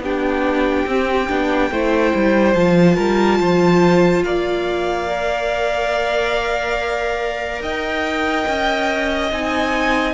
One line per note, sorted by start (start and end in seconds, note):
0.00 0.85 B3
0.00 0.87 D4
0.00 1.71 G4
0.00 2.54 G5
0.87 1.29 C4
1.29 1.71 B3
1.29 1.71 D4
1.71 2.13 A3
1.71 2.56 E4
1.71 2.96 C5
2.15 2.55 G3
2.54 2.98 F3
2.54 5.09 F4
2.54 4.23 A5
2.96 3.40 G3
2.96 3.39 A#4
3.40 4.24 F3
3.40 4.25 C5
4.24 7.61 A#3
4.24 7.63 D5
4.24 7.62 F5
5.09 9.32 A#4
7.61 8.46 D#4
7.61 10.15 D#5
7.61 9.32 G5
8.47 9.32 C#4
9.32 10.15 C4
9.32 10.15 D#4
9.32 10.15 G#5